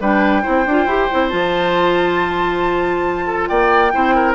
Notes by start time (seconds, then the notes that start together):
0.00 G3 D4 B4 G5
0.42 C4 E4 C5
0.66 D4 F4
0.86 E4 G4
1.10 C4 E4
1.29 F3 F4 A5
3.27 A4
3.47 A#3 D5 G5
3.92 C4 E4 C5
4.15 A#4